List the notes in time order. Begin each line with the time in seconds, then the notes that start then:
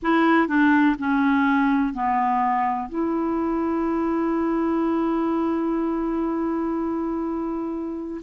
0.02 E4
0.48 D4
0.99 C#4
1.94 B3
2.89 E4